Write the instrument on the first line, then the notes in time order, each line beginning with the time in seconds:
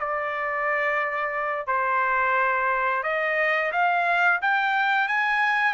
trumpet
0.00 D5
1.67 C5
3.04 D#5
3.72 F5
4.42 G5
5.08 G#5